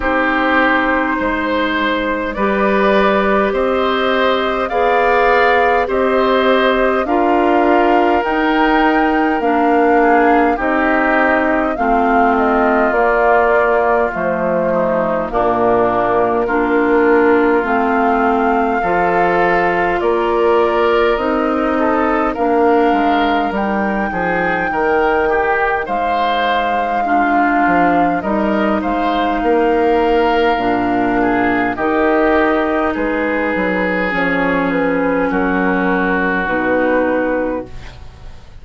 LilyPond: <<
  \new Staff \with { instrumentName = "flute" } { \time 4/4 \tempo 4 = 51 c''2 d''4 dis''4 | f''4 dis''4 f''4 g''4 | f''4 dis''4 f''8 dis''8 d''4 | c''4 ais'2 f''4~ |
f''4 d''4 dis''4 f''4 | g''2 f''2 | dis''8 f''2~ f''8 dis''4 | b'4 cis''8 b'8 ais'4 b'4 | }
  \new Staff \with { instrumentName = "oboe" } { \time 4/4 g'4 c''4 b'4 c''4 | d''4 c''4 ais'2~ | ais'8 gis'8 g'4 f'2~ | f'8 dis'8 d'4 f'2 |
a'4 ais'4. a'8 ais'4~ | ais'8 gis'8 ais'8 g'8 c''4 f'4 | ais'8 c''8 ais'4. gis'8 g'4 | gis'2 fis'2 | }
  \new Staff \with { instrumentName = "clarinet" } { \time 4/4 dis'2 g'2 | gis'4 g'4 f'4 dis'4 | d'4 dis'4 c'4 ais4 | a4 ais4 d'4 c'4 |
f'2 dis'4 d'4 | dis'2. d'4 | dis'2 d'4 dis'4~ | dis'4 cis'2 dis'4 | }
  \new Staff \with { instrumentName = "bassoon" } { \time 4/4 c'4 gis4 g4 c'4 | b4 c'4 d'4 dis'4 | ais4 c'4 a4 ais4 | f4 ais,4 ais4 a4 |
f4 ais4 c'4 ais8 gis8 | g8 f8 dis4 gis4. f8 | g8 gis8 ais4 ais,4 dis4 | gis8 fis8 f4 fis4 b,4 | }
>>